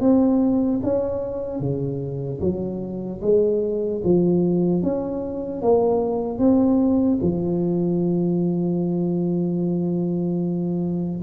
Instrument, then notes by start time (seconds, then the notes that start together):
tuba
0.00 C4
0.83 C#4
1.60 C#3
2.40 F#3
3.21 G#3
4.03 F3
4.83 C#4
5.61 A#3
6.39 C4
7.21 F3